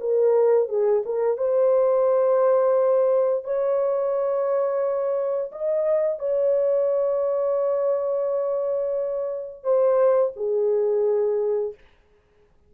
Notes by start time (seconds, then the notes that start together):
0.00 A#4
0.68 G#4
1.05 A#4
1.37 C5
3.44 C#5
5.51 D#5
6.18 C#5
9.63 C5
10.36 G#4